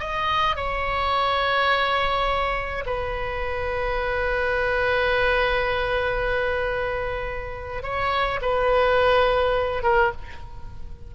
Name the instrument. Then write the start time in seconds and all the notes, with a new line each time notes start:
oboe
0.00 D#5
0.56 C#5
2.86 B4
7.83 C#5
8.42 B4
9.83 A#4